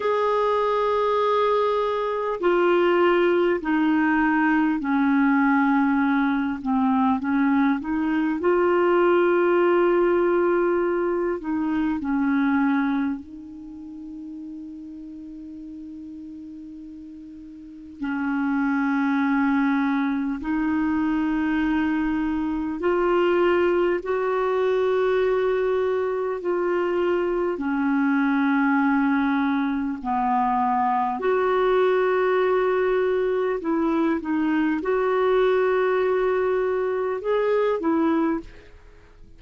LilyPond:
\new Staff \with { instrumentName = "clarinet" } { \time 4/4 \tempo 4 = 50 gis'2 f'4 dis'4 | cis'4. c'8 cis'8 dis'8 f'4~ | f'4. dis'8 cis'4 dis'4~ | dis'2. cis'4~ |
cis'4 dis'2 f'4 | fis'2 f'4 cis'4~ | cis'4 b4 fis'2 | e'8 dis'8 fis'2 gis'8 e'8 | }